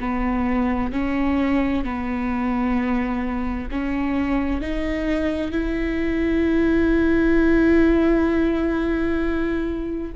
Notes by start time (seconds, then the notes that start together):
0.00 B3
0.92 C#4
1.85 B3
3.71 C#4
4.62 D#4
5.51 E4